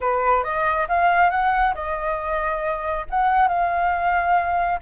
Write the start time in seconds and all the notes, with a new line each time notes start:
0.01 B4
0.43 D#5
0.88 F5
1.30 F#5
1.74 D#5
3.10 F#5
3.48 F5